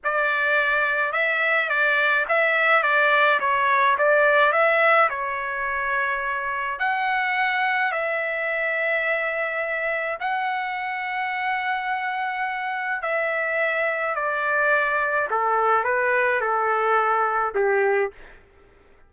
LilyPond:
\new Staff \with { instrumentName = "trumpet" } { \time 4/4 \tempo 4 = 106 d''2 e''4 d''4 | e''4 d''4 cis''4 d''4 | e''4 cis''2. | fis''2 e''2~ |
e''2 fis''2~ | fis''2. e''4~ | e''4 d''2 a'4 | b'4 a'2 g'4 | }